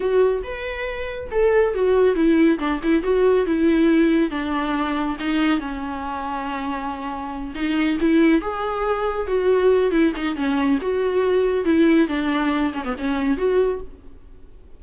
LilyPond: \new Staff \with { instrumentName = "viola" } { \time 4/4 \tempo 4 = 139 fis'4 b'2 a'4 | fis'4 e'4 d'8 e'8 fis'4 | e'2 d'2 | dis'4 cis'2.~ |
cis'4. dis'4 e'4 gis'8~ | gis'4. fis'4. e'8 dis'8 | cis'4 fis'2 e'4 | d'4. cis'16 b16 cis'4 fis'4 | }